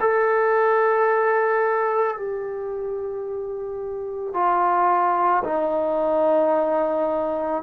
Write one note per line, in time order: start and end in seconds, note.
0.00 2.16 A4
2.16 4.33 G4
4.33 5.42 F4
5.44 7.62 D#4